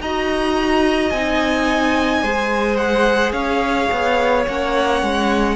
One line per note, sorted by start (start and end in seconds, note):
0.00 1.11 D#4
0.00 1.14 F#4
0.00 2.22 D#5
0.00 1.10 A#5
1.10 2.22 C4
1.10 2.24 D#4
1.10 2.76 G#5
2.22 3.33 G#3
2.22 4.47 G#4
2.22 3.32 C5
2.76 3.32 F#5
3.32 3.88 C#4
3.32 5.55 C#5
3.32 4.44 F5
3.91 4.47 B3
4.47 5.02 A#3
4.47 5.56 C#4
4.47 5.56 F#5
5.02 5.56 G#3